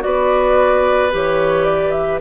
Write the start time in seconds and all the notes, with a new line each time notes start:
0.00 B3 F#4 B4 D5
1.12 E3 G4 C#5
1.65 D5
1.92 E5